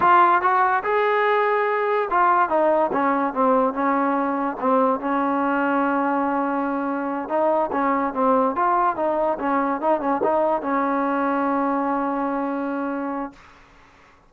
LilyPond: \new Staff \with { instrumentName = "trombone" } { \time 4/4 \tempo 4 = 144 f'4 fis'4 gis'2~ | gis'4 f'4 dis'4 cis'4 | c'4 cis'2 c'4 | cis'1~ |
cis'4. dis'4 cis'4 c'8~ | c'8 f'4 dis'4 cis'4 dis'8 | cis'8 dis'4 cis'2~ cis'8~ | cis'1 | }